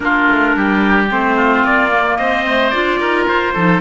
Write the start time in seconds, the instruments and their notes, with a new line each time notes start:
0.00 cello A#3, clarinet D4, oboe F4, trumpet A#4
0.30 cello A3
0.55 cello G3, oboe G4
1.09 cello A3, clarinet C4, trumpet C5
1.36 oboe F4
1.63 cello A#3, trumpet D5
1.90 clarinet A#3
2.16 cello C4, oboe C5, trumpet D#5
2.46 clarinet A3
2.70 cello D4, clarinet F4, trumpet D5
3.00 cello D#4, oboe A#4
3.27 cello F4, trumpet C5
3.53 cello F3, clarinet D#4, oboe A4